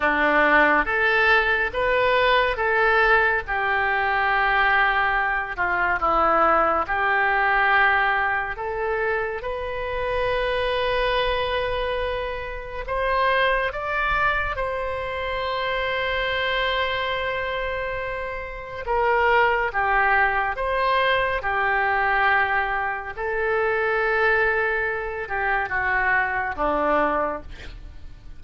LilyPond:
\new Staff \with { instrumentName = "oboe" } { \time 4/4 \tempo 4 = 70 d'4 a'4 b'4 a'4 | g'2~ g'8 f'8 e'4 | g'2 a'4 b'4~ | b'2. c''4 |
d''4 c''2.~ | c''2 ais'4 g'4 | c''4 g'2 a'4~ | a'4. g'8 fis'4 d'4 | }